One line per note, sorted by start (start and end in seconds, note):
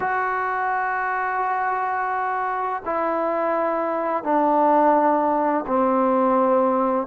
0.00 2.82 F#4
2.85 4.23 E4
4.23 5.64 D4
5.66 7.07 C4